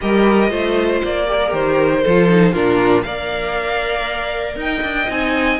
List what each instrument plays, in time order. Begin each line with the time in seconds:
0.01 cello G3, viola G4, violin A#4 D#5
0.49 cello A3, viola F4, violin C5
1.03 cello A#3, violin D5
1.26 viola G4, violin A#4
1.43 viola G#4
1.49 cello D#3, viola G4, violin C5
2.03 cello F3, viola F4, violin A4
2.28 viola D#4
2.52 cello A#2, viola D4, violin F4 A#4
3.03 cello A#3, viola A#4, violin D5 F5
4.56 cello D#4, violin D#5 G5
4.82 cello D4
5.09 cello C4, viola D#4, violin G#5